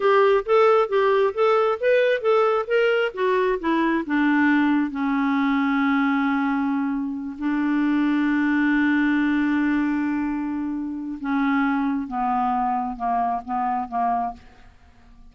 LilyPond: \new Staff \with { instrumentName = "clarinet" } { \time 4/4 \tempo 4 = 134 g'4 a'4 g'4 a'4 | b'4 a'4 ais'4 fis'4 | e'4 d'2 cis'4~ | cis'1~ |
cis'8 d'2.~ d'8~ | d'1~ | d'4 cis'2 b4~ | b4 ais4 b4 ais4 | }